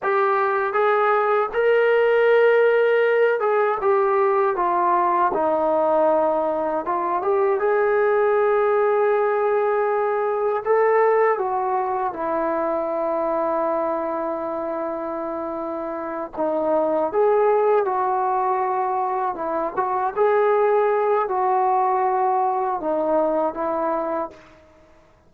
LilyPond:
\new Staff \with { instrumentName = "trombone" } { \time 4/4 \tempo 4 = 79 g'4 gis'4 ais'2~ | ais'8 gis'8 g'4 f'4 dis'4~ | dis'4 f'8 g'8 gis'2~ | gis'2 a'4 fis'4 |
e'1~ | e'4. dis'4 gis'4 fis'8~ | fis'4. e'8 fis'8 gis'4. | fis'2 dis'4 e'4 | }